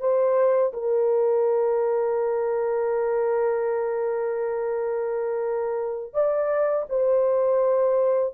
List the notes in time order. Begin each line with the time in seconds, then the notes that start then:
0.00 C5
0.73 A#4
6.13 D5
6.89 C5